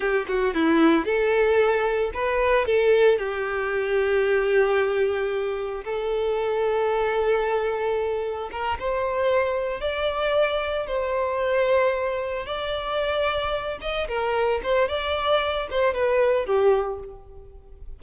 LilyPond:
\new Staff \with { instrumentName = "violin" } { \time 4/4 \tempo 4 = 113 g'8 fis'8 e'4 a'2 | b'4 a'4 g'2~ | g'2. a'4~ | a'1 |
ais'8 c''2 d''4.~ | d''8 c''2. d''8~ | d''2 dis''8 ais'4 c''8 | d''4. c''8 b'4 g'4 | }